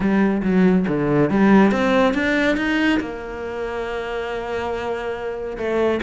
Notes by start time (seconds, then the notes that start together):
0.00 G3
0.42 F#3
0.87 D3
1.30 G3
1.71 C4
2.14 D4
2.57 D#4
3.00 A#3
5.57 A3